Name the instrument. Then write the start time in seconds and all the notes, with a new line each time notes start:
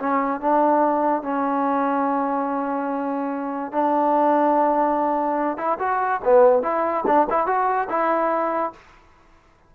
trombone
0.00 C#4
0.41 D4
1.23 C#4
3.73 D4
5.58 E4
5.79 F#4
6.25 B3
6.63 E4
7.07 D4
7.30 E4
7.47 F#4
7.90 E4